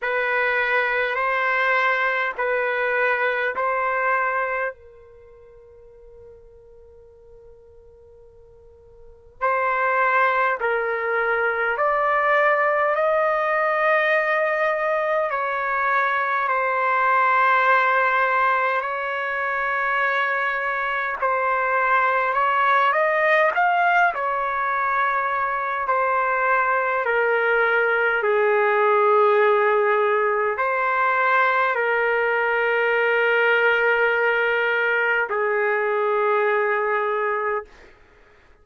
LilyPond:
\new Staff \with { instrumentName = "trumpet" } { \time 4/4 \tempo 4 = 51 b'4 c''4 b'4 c''4 | ais'1 | c''4 ais'4 d''4 dis''4~ | dis''4 cis''4 c''2 |
cis''2 c''4 cis''8 dis''8 | f''8 cis''4. c''4 ais'4 | gis'2 c''4 ais'4~ | ais'2 gis'2 | }